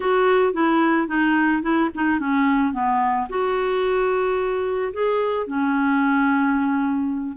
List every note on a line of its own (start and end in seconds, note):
0.00 0.53 F#4
0.53 1.07 E4
1.07 1.62 D#4
1.62 1.89 E4
1.94 2.19 D#4
2.19 2.73 C#4
2.73 3.27 B3
3.29 4.92 F#4
4.93 5.46 G#4
5.46 7.37 C#4